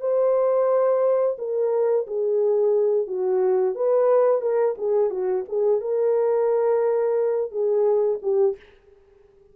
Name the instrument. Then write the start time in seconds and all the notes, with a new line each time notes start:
horn
0.00 C5
1.38 A#4
2.07 G#4
3.07 F#4
3.75 B4
4.41 A#4
4.78 G#4
5.10 F#4
5.49 G#4
5.81 A#4
7.51 G#4
8.22 G4